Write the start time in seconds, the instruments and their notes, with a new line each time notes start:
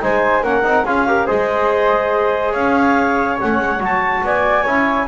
0.00 double bass G#3, trombone D#4, flute C5, clarinet G#5
0.42 double bass A#3, trombone C#4, flute A#4, clarinet F#5
0.63 double bass C4, trombone D#4
0.84 double bass C#4, trombone F4, flute G#4, clarinet F5
1.07 trombone G4, flute A#4
1.26 double bass G#3, trombone G#4, flute C5, clarinet D#5
2.51 double bass C#4, flute C#5, clarinet F5
3.40 double bass A3, trombone C#4, clarinet F#5
3.58 double bass G#3
3.79 double bass F#3, trombone F#4, clarinet A5
4.23 double bass B3, flute D5, clarinet G#5
4.62 double bass C#4, trombone E4, flute C#5